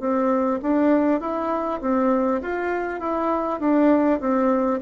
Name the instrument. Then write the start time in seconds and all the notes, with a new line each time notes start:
bassoon
0.00 C4
0.62 D4
1.21 E4
1.81 C4
2.42 F4
3.00 E4
3.60 D4
4.21 C4